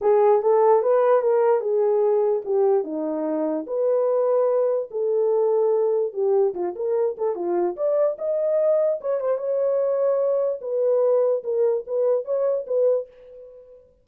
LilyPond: \new Staff \with { instrumentName = "horn" } { \time 4/4 \tempo 4 = 147 gis'4 a'4 b'4 ais'4 | gis'2 g'4 dis'4~ | dis'4 b'2. | a'2. g'4 |
f'8 ais'4 a'8 f'4 d''4 | dis''2 cis''8 c''8 cis''4~ | cis''2 b'2 | ais'4 b'4 cis''4 b'4 | }